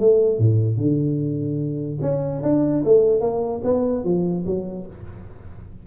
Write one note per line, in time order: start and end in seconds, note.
0.00 0.39 A3
0.39 0.77 A2
0.77 1.99 D3
2.02 2.42 C#4
2.43 2.84 D4
2.85 3.21 A3
3.21 3.62 A#3
3.64 4.04 B3
4.04 4.45 F3
4.46 4.87 F#3